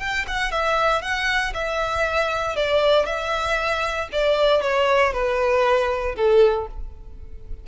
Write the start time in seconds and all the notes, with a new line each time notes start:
0.00 G5
0.28 F#5
0.52 E5
1.02 F#5
1.54 E5
2.56 D5
3.06 E5
4.13 D5
4.62 C#5
5.13 B4
6.16 A4